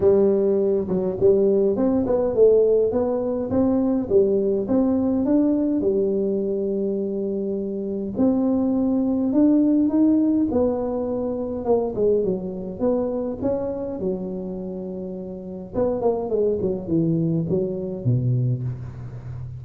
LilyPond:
\new Staff \with { instrumentName = "tuba" } { \time 4/4 \tempo 4 = 103 g4. fis8 g4 c'8 b8 | a4 b4 c'4 g4 | c'4 d'4 g2~ | g2 c'2 |
d'4 dis'4 b2 | ais8 gis8 fis4 b4 cis'4 | fis2. b8 ais8 | gis8 fis8 e4 fis4 b,4 | }